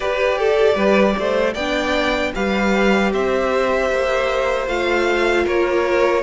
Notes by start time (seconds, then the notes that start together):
0.00 G4 B4 D5
0.38 A4
0.75 G3 B4
1.18 A3 C5
1.53 B3 D4 D5 G5
2.34 G3 G4 B4 F5
3.12 C4 C5 E5
3.90 A#3
4.67 A3 F4 F5
5.44 A#3 A#4 C#5